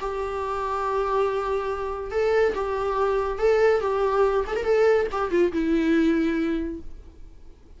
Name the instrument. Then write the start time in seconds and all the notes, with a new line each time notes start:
viola
0.00 G4
2.11 A4
2.54 G4
3.38 A4
3.80 G4
4.47 A4
4.56 A#4
4.64 A4
5.11 G4
5.31 F4
5.52 E4